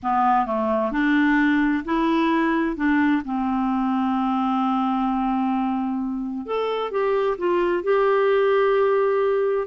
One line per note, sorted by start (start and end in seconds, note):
0.03 0.46 B3
0.46 0.91 A3
0.91 1.84 D4
1.84 2.76 E4
2.76 3.22 D4
3.24 6.46 C4
6.46 6.91 A4
6.91 7.37 G4
7.38 7.83 F4
7.83 9.67 G4